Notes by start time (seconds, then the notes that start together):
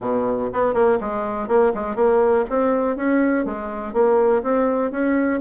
0.00 B2
0.53 B3
0.74 A#3
1.00 G#3
1.48 A#3
1.74 G#3
1.95 A#3
2.49 C4
2.96 C#4
3.45 G#3
3.93 A#3
4.43 C4
4.91 C#4